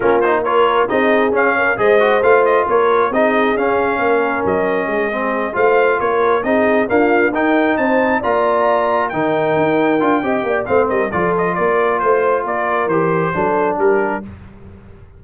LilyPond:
<<
  \new Staff \with { instrumentName = "trumpet" } { \time 4/4 \tempo 4 = 135 ais'8 c''8 cis''4 dis''4 f''4 | dis''4 f''8 dis''8 cis''4 dis''4 | f''2 dis''2~ | dis''8 f''4 cis''4 dis''4 f''8~ |
f''8 g''4 a''4 ais''4.~ | ais''8 g''2.~ g''8 | f''8 dis''8 d''8 dis''8 d''4 c''4 | d''4 c''2 ais'4 | }
  \new Staff \with { instrumentName = "horn" } { \time 4/4 f'4 ais'4 gis'4. ais'8 | c''2 ais'4 gis'4~ | gis'4 ais'2 gis'4~ | gis'8 c''4 ais'4 gis'4 f'8~ |
f'8 ais'4 c''4 d''4.~ | d''8 ais'2~ ais'8 dis''8 d''8 | c''8 ais'8 a'4 ais'4 c''4 | ais'2 a'4 g'4 | }
  \new Staff \with { instrumentName = "trombone" } { \time 4/4 cis'8 dis'8 f'4 dis'4 cis'4 | gis'8 fis'8 f'2 dis'4 | cis'2.~ cis'8 c'8~ | c'8 f'2 dis'4 ais8~ |
ais8 dis'2 f'4.~ | f'8 dis'2 f'8 g'4 | c'4 f'2.~ | f'4 g'4 d'2 | }
  \new Staff \with { instrumentName = "tuba" } { \time 4/4 ais2 c'4 cis'4 | gis4 a4 ais4 c'4 | cis'4 ais4 fis4 gis4~ | gis8 a4 ais4 c'4 d'8~ |
d'8 dis'4 c'4 ais4.~ | ais8 dis4 dis'4 d'8 c'8 ais8 | a8 g8 f4 ais4 a4 | ais4 e4 fis4 g4 | }
>>